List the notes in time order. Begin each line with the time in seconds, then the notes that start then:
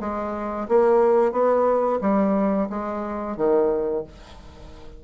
0.00 G#3
0.68 A#3
1.32 B3
2.01 G3
2.69 G#3
3.36 D#3